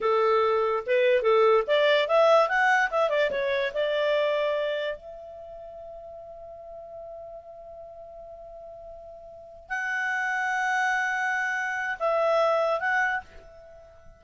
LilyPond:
\new Staff \with { instrumentName = "clarinet" } { \time 4/4 \tempo 4 = 145 a'2 b'4 a'4 | d''4 e''4 fis''4 e''8 d''8 | cis''4 d''2. | e''1~ |
e''1~ | e''2.~ e''8 fis''8~ | fis''1~ | fis''4 e''2 fis''4 | }